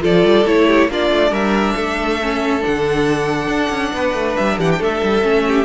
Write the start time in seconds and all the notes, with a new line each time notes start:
0.00 F3 F4 A4 D5
0.23 G3
0.45 A3 E4 C#5
0.67 G4
0.87 A#3 D4 F4 D5
1.10 A3
1.30 G3 A#4 E5
1.75 A3 A4
2.22 C#4
2.60 D4 F#5
2.67 D3
3.47 D4
3.70 C#4
3.92 B3 B4
4.14 A3
4.36 G3 E5
4.58 E3 G4 F#5
4.71 G5
4.78 A3 A4 E5
5.03 G3
5.22 A3 C#4
5.47 G4